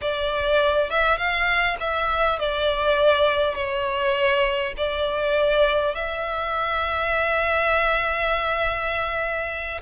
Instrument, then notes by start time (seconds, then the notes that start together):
violin
0.01 D5
0.89 E5
1.17 F5
1.80 E5
2.39 D5
3.54 C#5
4.77 D5
5.94 E5